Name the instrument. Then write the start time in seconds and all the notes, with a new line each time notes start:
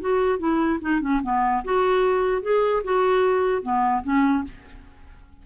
clarinet
0.00 F#4
0.39 E4
0.81 D#4
1.01 C#4
1.23 B3
1.64 F#4
2.42 G#4
2.84 F#4
3.62 B3
4.03 C#4